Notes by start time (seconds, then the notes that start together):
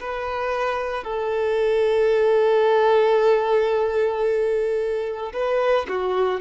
0.00 B4
1.04 A4
5.33 B4
5.88 F#4